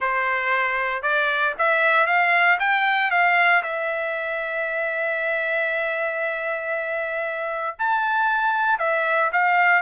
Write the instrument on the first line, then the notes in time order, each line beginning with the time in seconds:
trumpet
0.00 C5
1.02 D5
1.58 E5
2.06 F5
2.59 G5
3.10 F5
3.62 E5
7.78 A5
8.79 E5
9.32 F5